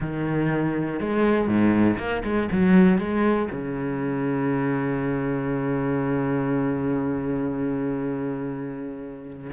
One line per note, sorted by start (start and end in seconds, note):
0.00 1.00 D#3
1.00 1.47 G#3
1.47 1.97 G#2
1.97 2.23 A#3
2.24 2.49 G#3
2.51 2.98 F#3
2.98 3.48 G#3
3.51 9.51 C#3